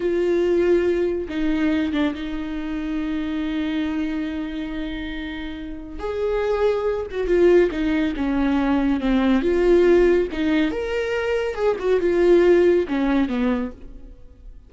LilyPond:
\new Staff \with { instrumentName = "viola" } { \time 4/4 \tempo 4 = 140 f'2. dis'4~ | dis'8 d'8 dis'2.~ | dis'1~ | dis'2 gis'2~ |
gis'8 fis'8 f'4 dis'4 cis'4~ | cis'4 c'4 f'2 | dis'4 ais'2 gis'8 fis'8 | f'2 cis'4 b4 | }